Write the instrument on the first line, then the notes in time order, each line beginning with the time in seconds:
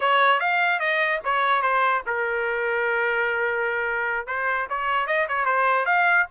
trumpet
0.00 C#5
0.40 F5
0.79 D#5
1.24 C#5
1.62 C5
2.06 A#4
4.27 C5
4.69 C#5
5.06 D#5
5.28 C#5
5.45 C5
5.85 F5